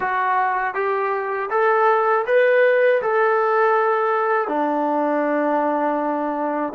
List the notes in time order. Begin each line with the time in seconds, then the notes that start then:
0.00 F#4
0.74 G4
1.50 A4
2.26 B4
3.02 A4
4.48 D4